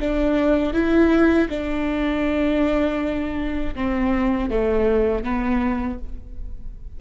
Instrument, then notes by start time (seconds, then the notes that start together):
viola
0.00 D4
0.74 E4
1.50 D4
3.75 C4
4.50 A3
5.24 B3